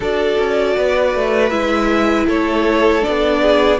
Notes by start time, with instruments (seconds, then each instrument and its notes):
0.00 cello D4, viola F#4, violin A4 D5
0.38 cello C#4
0.76 cello B3, violin B4
1.14 cello A3
1.49 cello G#3, viola E4, violin E5
2.26 cello A3, violin A4 C#5
3.02 viola D4, violin D5
3.08 cello B3
3.41 violin G#4